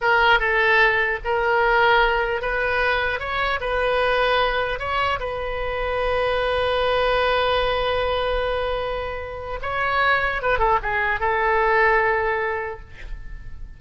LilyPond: \new Staff \with { instrumentName = "oboe" } { \time 4/4 \tempo 4 = 150 ais'4 a'2 ais'4~ | ais'2 b'2 | cis''4 b'2. | cis''4 b'2.~ |
b'1~ | b'1 | cis''2 b'8 a'8 gis'4 | a'1 | }